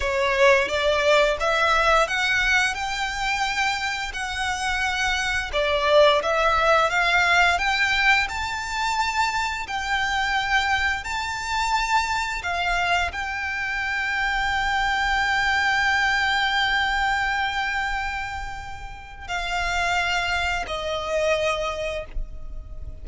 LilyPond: \new Staff \with { instrumentName = "violin" } { \time 4/4 \tempo 4 = 87 cis''4 d''4 e''4 fis''4 | g''2 fis''2 | d''4 e''4 f''4 g''4 | a''2 g''2 |
a''2 f''4 g''4~ | g''1~ | g''1 | f''2 dis''2 | }